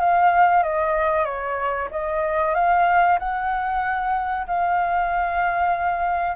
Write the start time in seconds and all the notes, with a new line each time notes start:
0.00 F5
0.64 D#5
1.25 C#5
1.91 D#5
2.55 F5
3.19 F#5
4.47 F5